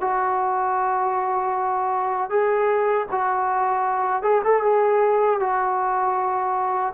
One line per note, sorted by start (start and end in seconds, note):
0.00 2.29 F#4
2.29 3.06 G#4
3.11 4.22 F#4
4.22 4.42 G#4
4.44 4.63 A4
4.63 5.40 G#4
5.40 6.93 F#4